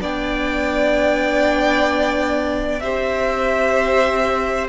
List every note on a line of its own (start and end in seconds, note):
0.00 2.81 B3
0.00 2.82 D4
0.00 2.83 D5
0.00 2.80 G5
2.80 4.69 C4
2.80 4.69 G4
2.80 4.69 C5
2.80 4.67 E5